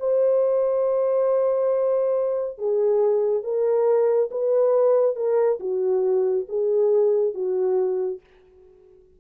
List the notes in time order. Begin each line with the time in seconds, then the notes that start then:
0.00 C5
2.58 G#4
3.44 A#4
4.31 B4
5.16 A#4
5.60 F#4
6.49 G#4
7.34 F#4